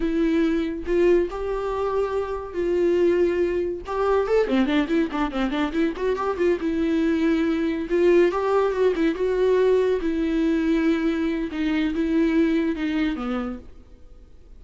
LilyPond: \new Staff \with { instrumentName = "viola" } { \time 4/4 \tempo 4 = 141 e'2 f'4 g'4~ | g'2 f'2~ | f'4 g'4 a'8 c'8 d'8 e'8 | d'8 c'8 d'8 e'8 fis'8 g'8 f'8 e'8~ |
e'2~ e'8 f'4 g'8~ | g'8 fis'8 e'8 fis'2 e'8~ | e'2. dis'4 | e'2 dis'4 b4 | }